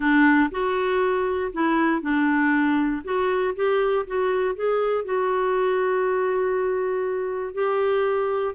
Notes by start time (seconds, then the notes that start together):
0.00 D4
0.51 F#4
1.52 E4
2.01 D4
3.04 F#4
3.55 G4
4.06 F#4
4.55 G#4
5.04 F#4
7.54 G4